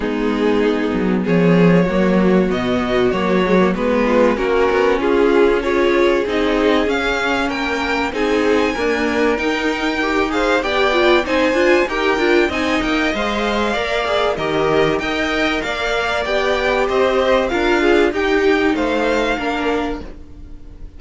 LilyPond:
<<
  \new Staff \with { instrumentName = "violin" } { \time 4/4 \tempo 4 = 96 gis'2 cis''2 | dis''4 cis''4 b'4 ais'4 | gis'4 cis''4 dis''4 f''4 | g''4 gis''2 g''4~ |
g''8 f''8 g''4 gis''4 g''4 | gis''8 g''8 f''2 dis''4 | g''4 f''4 g''4 dis''4 | f''4 g''4 f''2 | }
  \new Staff \with { instrumentName = "violin" } { \time 4/4 dis'2 gis'4 fis'4~ | fis'2~ fis'8 f'8 fis'4 | f'4 gis'2. | ais'4 gis'4 ais'2~ |
ais'8 c''8 d''4 c''4 ais'4 | dis''2 d''4 ais'4 | dis''4 d''2 c''4 | ais'8 gis'8 g'4 c''4 ais'4 | }
  \new Staff \with { instrumentName = "viola" } { \time 4/4 b2. ais4 | b4 ais8 gis16 ais16 b4 cis'4~ | cis'4 f'4 dis'4 cis'4~ | cis'4 dis'4 ais4 dis'4 |
g'8 gis'8 g'8 f'8 dis'8 f'8 g'8 f'8 | dis'4 c''4 ais'8 gis'8 g'4 | ais'2 g'2 | f'4 dis'2 d'4 | }
  \new Staff \with { instrumentName = "cello" } { \time 4/4 gis4. fis8 f4 fis4 | b,4 fis4 gis4 ais8 b8 | cis'2 c'4 cis'4 | ais4 c'4 d'4 dis'4~ |
dis'4 b4 c'8 d'8 dis'8 d'8 | c'8 ais8 gis4 ais4 dis4 | dis'4 ais4 b4 c'4 | d'4 dis'4 a4 ais4 | }
>>